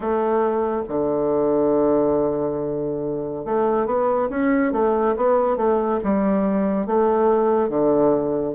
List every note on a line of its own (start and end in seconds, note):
0.00 0.83 A3
0.88 3.45 D3
3.45 3.86 A3
3.86 4.29 B3
4.29 4.72 C#4
4.72 5.15 A3
5.16 5.56 B3
5.56 5.99 A3
6.03 6.86 G3
6.86 7.69 A3
7.69 8.54 D3